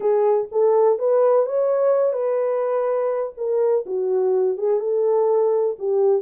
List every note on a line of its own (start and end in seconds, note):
0.00 0.48 G#4
0.51 0.98 A4
0.98 1.46 B4
1.46 2.12 C#5
2.12 3.32 B4
3.37 3.85 A#4
3.86 4.57 F#4
4.57 4.80 G#4
4.80 5.76 A4
5.78 6.22 G4